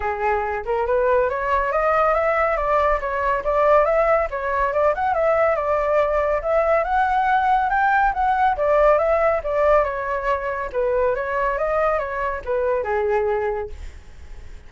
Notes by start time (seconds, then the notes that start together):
0.00 G#4
0.65 A#4
0.86 B4
1.29 C#5
1.72 D#5
2.14 E5
2.57 D5
3.00 C#5
3.43 D5
3.85 E5
4.30 C#5
4.73 D5
4.94 F#5
5.14 E5
5.55 D5
6.42 E5
6.84 F#5
7.69 G5
8.13 F#5
8.56 D5
8.98 E5
9.43 D5
9.84 C#5
10.72 B4
11.15 C#5
11.58 D#5
11.98 C#5
12.44 B4
12.83 G#4